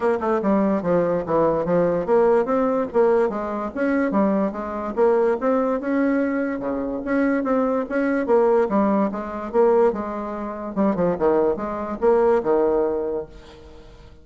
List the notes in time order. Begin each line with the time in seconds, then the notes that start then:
0.00 A#3
0.20 A3
0.42 G3
0.82 F3
1.26 E3
1.65 F3
2.06 A#3
2.45 C4
2.93 A#3
3.29 G#3
3.74 C#4
4.11 G3
4.52 G#3
4.95 A#3
5.40 C4
5.80 C#4
6.59 C#3
7.05 C#4
7.43 C4
7.89 C#4
8.26 A#3
8.69 G3
9.11 G#3
9.52 A#3
9.93 G#3
10.75 G3
10.95 F3
11.18 D#3
11.56 G#3
12.00 A#3
12.43 D#3